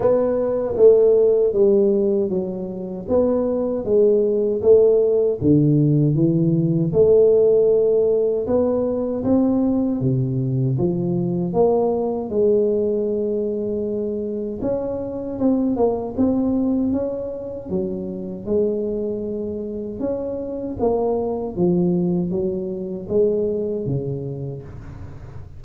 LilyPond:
\new Staff \with { instrumentName = "tuba" } { \time 4/4 \tempo 4 = 78 b4 a4 g4 fis4 | b4 gis4 a4 d4 | e4 a2 b4 | c'4 c4 f4 ais4 |
gis2. cis'4 | c'8 ais8 c'4 cis'4 fis4 | gis2 cis'4 ais4 | f4 fis4 gis4 cis4 | }